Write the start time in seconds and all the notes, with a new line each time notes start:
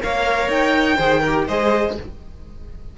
0.00 A#3 A#4 C#5 F5
0.48 D#4 G5
0.97 D#3 G#4 C5
1.20 A#4
1.27 G4
1.47 G#3 G#4 C5 D#5